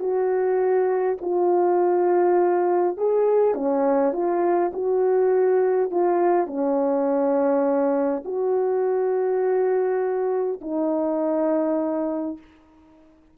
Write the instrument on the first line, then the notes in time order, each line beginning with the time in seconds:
horn
0.00 F#4
1.21 F4
2.97 G#4
3.55 C#4
4.13 F4
4.74 F#4
5.91 F4
6.47 C#4
8.25 F#4
10.61 D#4